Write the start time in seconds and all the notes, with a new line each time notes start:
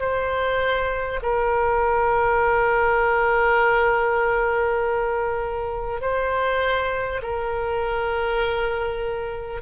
0.00 C5
1.22 A#4
6.02 C5
7.23 A#4